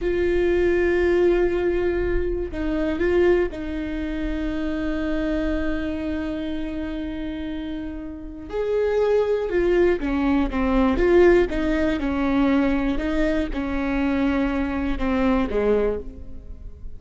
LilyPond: \new Staff \with { instrumentName = "viola" } { \time 4/4 \tempo 4 = 120 f'1~ | f'4 dis'4 f'4 dis'4~ | dis'1~ | dis'1~ |
dis'4 gis'2 f'4 | cis'4 c'4 f'4 dis'4 | cis'2 dis'4 cis'4~ | cis'2 c'4 gis4 | }